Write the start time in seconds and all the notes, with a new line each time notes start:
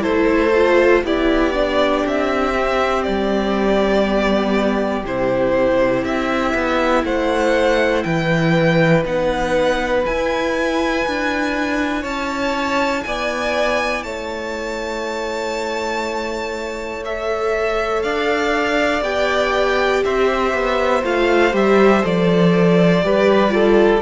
0.00 A3 E4 A4 C5
0.55 F4
1.03 B3 E4 G4 D5
1.53 D4
2.06 C4 E5
2.56 C4
3.03 G3 D5
4.04 B3
5.04 C3 E4 C5
6.04 C4 E5
6.54 B3
7.04 A3 C5 F#5
8.03 E3 B4 G5
9.03 B3 D#4 F#5
10.03 E4 G#5
11.06 D4
12.01 C#4 C#5 A5
13.04 B3 D5 G#5
14.03 A3 C#5 A5
17.05 A4 E5
18.02 D4 D5 F5
19.01 B3 G4 G5
20.04 C4 C5 E5
20.54 B3
21.03 A3 F4 F5
21.52 G3 G4 E5
22.02 F3 A4 D5
23.03 G3 G4 B4
23.49 F4 A4